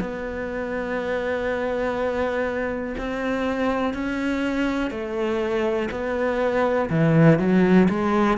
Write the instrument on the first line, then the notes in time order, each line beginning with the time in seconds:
cello
0.00 B3
2.98 C4
3.93 C#4
4.90 A3
5.91 B3
6.89 E3
7.39 F#3
7.89 G#3